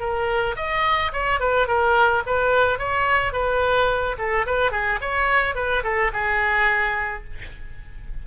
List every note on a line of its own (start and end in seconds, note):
0.00 0.56 A#4
0.57 1.12 D#5
1.13 1.40 C#5
1.40 1.68 B4
1.68 2.23 A#4
2.26 2.79 B4
2.79 3.33 C#5
3.33 4.16 B4
4.18 4.46 A4
4.47 4.72 B4
4.72 4.99 G#4
5.02 5.55 C#5
5.55 5.83 B4
5.84 6.12 A4
6.13 7.24 G#4